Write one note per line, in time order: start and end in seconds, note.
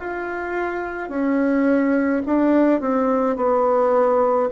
0.00 1.09 F4
1.09 2.22 C#4
2.26 2.81 D4
2.81 3.37 C4
3.37 4.50 B3